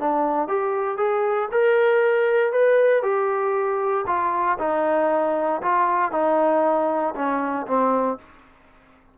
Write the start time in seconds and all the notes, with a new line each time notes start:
0.00 D4
0.48 G4
0.98 G#4
1.52 A#4
2.53 B4
3.03 G4
4.07 F4
4.59 D#4
5.62 F4
6.12 D#4
7.16 C#4
7.67 C4